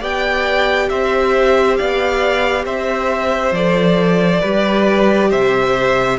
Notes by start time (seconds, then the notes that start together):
0.00 B3 G4 D5 G5
0.89 C4 C5 E5
1.76 B3 D5 F5
2.65 C4 C5 E5
3.51 F3 A4 D5
4.40 G3 G4 B4
5.29 C3 C5 E5